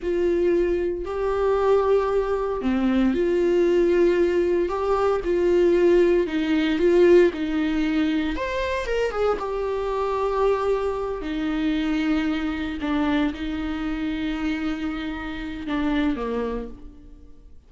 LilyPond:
\new Staff \with { instrumentName = "viola" } { \time 4/4 \tempo 4 = 115 f'2 g'2~ | g'4 c'4 f'2~ | f'4 g'4 f'2 | dis'4 f'4 dis'2 |
c''4 ais'8 gis'8 g'2~ | g'4. dis'2~ dis'8~ | dis'8 d'4 dis'2~ dis'8~ | dis'2 d'4 ais4 | }